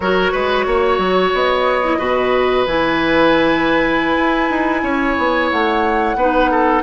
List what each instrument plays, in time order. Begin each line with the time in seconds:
0.00 bassoon F#3, clarinet F#4, oboe A#4, flute C#5
0.32 bassoon G#3, oboe B4
0.66 bassoon A#3, oboe C#5
0.97 bassoon F#3
1.33 bassoon B3, flute D#5
1.84 clarinet E4
1.98 bassoon B2, clarinet F#4, oboe B4
2.66 bassoon E3, clarinet E4, flute G#5
4.17 bassoon E4
4.50 bassoon D#4
4.82 bassoon C#4, oboe C#5
5.17 bassoon B3
5.50 bassoon A3, flute F#5
6.15 bassoon B3, clarinet D#4, oboe B4
6.50 oboe A4